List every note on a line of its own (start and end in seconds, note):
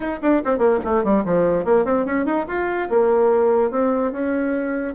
0.00 0.19 D#4
0.22 0.42 D4
0.44 0.58 C4
0.58 0.79 A#3
0.84 1.03 A3
1.03 1.24 G3
1.25 1.64 F3
1.64 1.85 A#3
1.85 2.05 C4
2.05 2.25 C#4
2.25 2.46 D#4
2.47 2.88 F4
2.89 3.71 A#3
3.71 4.12 C4
4.12 4.94 C#4